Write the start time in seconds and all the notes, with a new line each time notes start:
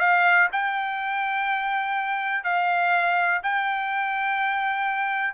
0.00 F5
0.53 G5
2.44 F5
3.43 G5